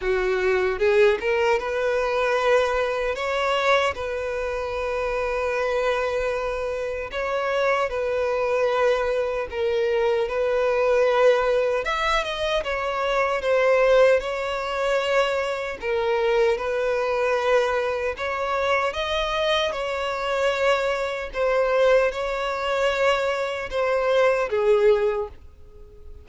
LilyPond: \new Staff \with { instrumentName = "violin" } { \time 4/4 \tempo 4 = 76 fis'4 gis'8 ais'8 b'2 | cis''4 b'2.~ | b'4 cis''4 b'2 | ais'4 b'2 e''8 dis''8 |
cis''4 c''4 cis''2 | ais'4 b'2 cis''4 | dis''4 cis''2 c''4 | cis''2 c''4 gis'4 | }